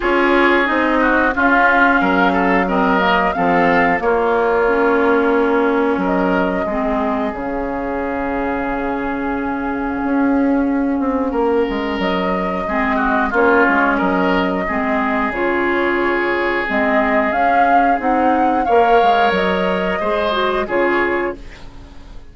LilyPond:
<<
  \new Staff \with { instrumentName = "flute" } { \time 4/4 \tempo 4 = 90 cis''4 dis''4 f''2 | dis''4 f''4 cis''2~ | cis''4 dis''2 f''4~ | f''1~ |
f''2 dis''2 | cis''4 dis''2 cis''4~ | cis''4 dis''4 f''4 fis''4 | f''4 dis''2 cis''4 | }
  \new Staff \with { instrumentName = "oboe" } { \time 4/4 gis'4. fis'8 f'4 ais'8 a'8 | ais'4 a'4 f'2~ | f'4 ais'4 gis'2~ | gis'1~ |
gis'4 ais'2 gis'8 fis'8 | f'4 ais'4 gis'2~ | gis'1 | cis''2 c''4 gis'4 | }
  \new Staff \with { instrumentName = "clarinet" } { \time 4/4 f'4 dis'4 cis'2 | c'8 ais8 c'4 ais4 cis'4~ | cis'2 c'4 cis'4~ | cis'1~ |
cis'2. c'4 | cis'2 c'4 f'4~ | f'4 c'4 cis'4 dis'4 | ais'2 gis'8 fis'8 f'4 | }
  \new Staff \with { instrumentName = "bassoon" } { \time 4/4 cis'4 c'4 cis'4 fis4~ | fis4 f4 ais2~ | ais4 fis4 gis4 cis4~ | cis2. cis'4~ |
cis'8 c'8 ais8 gis8 fis4 gis4 | ais8 gis8 fis4 gis4 cis4~ | cis4 gis4 cis'4 c'4 | ais8 gis8 fis4 gis4 cis4 | }
>>